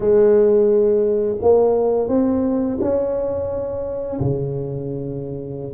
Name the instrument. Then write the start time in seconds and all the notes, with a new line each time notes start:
tuba
0.00 G#3
1.41 A#3
2.08 C4
2.80 C#4
4.20 C#3